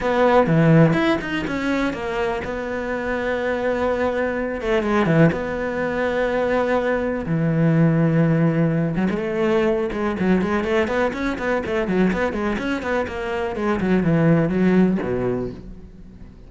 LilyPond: \new Staff \with { instrumentName = "cello" } { \time 4/4 \tempo 4 = 124 b4 e4 e'8 dis'8 cis'4 | ais4 b2.~ | b4. a8 gis8 e8 b4~ | b2. e4~ |
e2~ e8 fis16 gis16 a4~ | a8 gis8 fis8 gis8 a8 b8 cis'8 b8 | a8 fis8 b8 gis8 cis'8 b8 ais4 | gis8 fis8 e4 fis4 b,4 | }